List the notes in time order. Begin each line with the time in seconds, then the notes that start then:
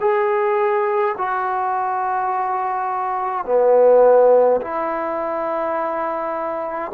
0.00 G#4
1.18 F#4
3.46 B3
4.62 E4